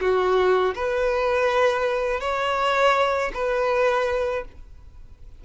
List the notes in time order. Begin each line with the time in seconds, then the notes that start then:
0.00 F#4
0.74 B4
2.20 C#5
3.33 B4